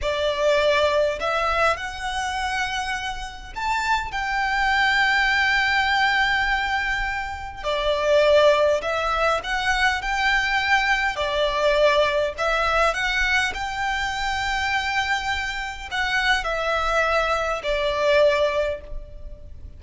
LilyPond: \new Staff \with { instrumentName = "violin" } { \time 4/4 \tempo 4 = 102 d''2 e''4 fis''4~ | fis''2 a''4 g''4~ | g''1~ | g''4 d''2 e''4 |
fis''4 g''2 d''4~ | d''4 e''4 fis''4 g''4~ | g''2. fis''4 | e''2 d''2 | }